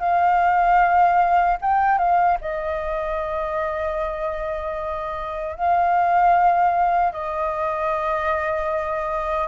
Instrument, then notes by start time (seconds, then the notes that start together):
flute
0.00 F5
1.62 G5
1.98 F5
2.42 D#5
5.56 F5
7.13 D#5